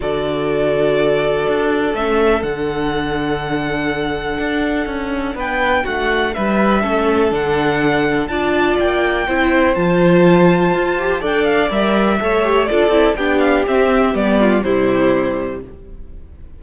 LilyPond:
<<
  \new Staff \with { instrumentName = "violin" } { \time 4/4 \tempo 4 = 123 d''1 | e''4 fis''2.~ | fis''2. g''4 | fis''4 e''2 fis''4~ |
fis''4 a''4 g''2 | a''2. g''8 f''8 | e''2 d''4 g''8 f''8 | e''4 d''4 c''2 | }
  \new Staff \with { instrumentName = "violin" } { \time 4/4 a'1~ | a'1~ | a'2. b'4 | fis'4 b'4 a'2~ |
a'4 d''2 c''4~ | c''2. d''4~ | d''4 cis''4 a'4 g'4~ | g'4. f'8 e'2 | }
  \new Staff \with { instrumentName = "viola" } { \time 4/4 fis'1 | cis'4 d'2.~ | d'1~ | d'2 cis'4 d'4~ |
d'4 f'2 e'4 | f'2~ f'8 g'8 a'4 | ais'4 a'8 g'8 f'8 e'8 d'4 | c'4 b4 g2 | }
  \new Staff \with { instrumentName = "cello" } { \time 4/4 d2. d'4 | a4 d2.~ | d4 d'4 cis'4 b4 | a4 g4 a4 d4~ |
d4 d'4 ais4 c'4 | f2 f'4 d'4 | g4 a4 d'8 c'8 b4 | c'4 g4 c2 | }
>>